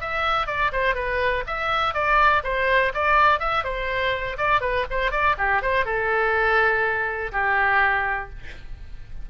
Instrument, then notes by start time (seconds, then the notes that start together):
oboe
0.00 E5
0.47 D5
0.72 C5
0.95 B4
1.46 E5
1.94 D5
2.43 C5
2.94 D5
3.39 E5
3.63 C5
4.37 D5
4.61 B4
4.90 C5
5.11 D5
5.38 G4
5.62 C5
5.85 A4
7.32 G4